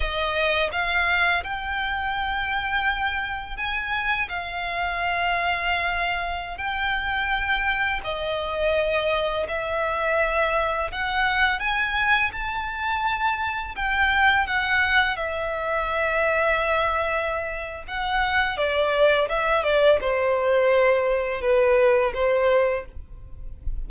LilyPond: \new Staff \with { instrumentName = "violin" } { \time 4/4 \tempo 4 = 84 dis''4 f''4 g''2~ | g''4 gis''4 f''2~ | f''4~ f''16 g''2 dis''8.~ | dis''4~ dis''16 e''2 fis''8.~ |
fis''16 gis''4 a''2 g''8.~ | g''16 fis''4 e''2~ e''8.~ | e''4 fis''4 d''4 e''8 d''8 | c''2 b'4 c''4 | }